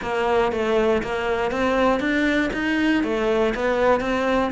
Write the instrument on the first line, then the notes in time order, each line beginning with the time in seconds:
cello
0.02 A#3
0.52 A3
1.02 A#3
1.51 C4
2.00 D4
2.53 D#4
3.03 A3
3.55 B3
4.00 C4